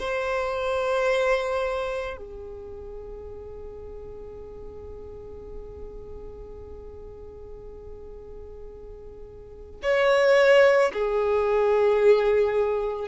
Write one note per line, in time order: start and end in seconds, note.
0.00 2.18 C5
2.18 9.81 G#4
9.83 10.92 C#5
10.93 13.09 G#4